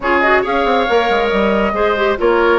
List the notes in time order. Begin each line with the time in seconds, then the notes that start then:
0.00 C#3 F4 G#4 C#5
0.20 F#4 D#5
0.42 C#4 G#4 C#5 F5
0.64 C4
0.88 A#3 A#4
1.09 G#3
1.28 G3 D#5
1.73 G#3 G#4 C5
1.96 G4
2.17 A#3 F4 A#4 C#5